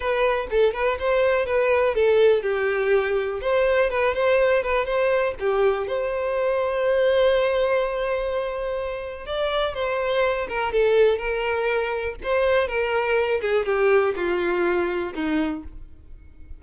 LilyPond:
\new Staff \with { instrumentName = "violin" } { \time 4/4 \tempo 4 = 123 b'4 a'8 b'8 c''4 b'4 | a'4 g'2 c''4 | b'8 c''4 b'8 c''4 g'4 | c''1~ |
c''2. d''4 | c''4. ais'8 a'4 ais'4~ | ais'4 c''4 ais'4. gis'8 | g'4 f'2 dis'4 | }